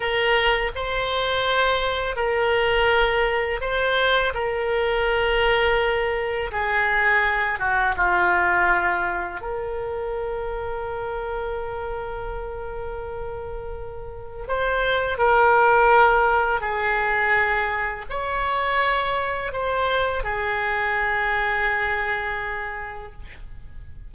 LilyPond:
\new Staff \with { instrumentName = "oboe" } { \time 4/4 \tempo 4 = 83 ais'4 c''2 ais'4~ | ais'4 c''4 ais'2~ | ais'4 gis'4. fis'8 f'4~ | f'4 ais'2.~ |
ais'1 | c''4 ais'2 gis'4~ | gis'4 cis''2 c''4 | gis'1 | }